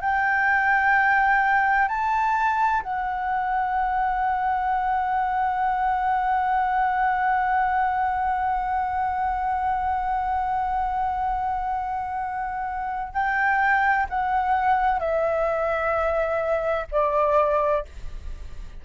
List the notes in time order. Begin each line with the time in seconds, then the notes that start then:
0.00 G5
1.88 A5
2.82 F#5
13.12 G5
14.09 F#5
14.99 E5
16.91 D5